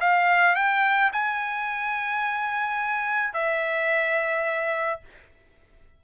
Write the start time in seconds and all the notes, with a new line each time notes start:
0.00 F5
0.55 G5
1.12 G#5
3.33 E5